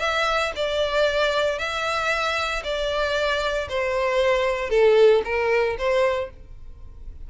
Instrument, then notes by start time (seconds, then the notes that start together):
violin
0.00 E5
0.56 D5
1.59 E5
2.64 D5
3.69 C5
4.70 A4
5.25 A#4
5.78 C5